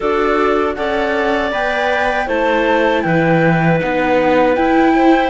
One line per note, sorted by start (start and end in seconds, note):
0.00 0.76 D4
0.00 0.76 F#4
0.00 0.75 A4
0.00 0.74 D5
0.74 1.51 C#4
0.74 1.51 A4
0.74 2.26 D5
0.74 1.50 F#5
1.51 2.27 B3
1.51 2.27 B4
1.51 2.28 G5
2.26 3.03 A3
2.26 3.79 E4
2.26 3.02 C5
2.26 3.02 A5
3.02 3.80 E3
3.02 4.93 B4
3.02 3.78 G5
3.79 4.56 B3
3.79 4.55 D#4
3.79 4.55 F#5
4.55 5.30 E4
4.55 5.30 G5
4.95 5.30 C5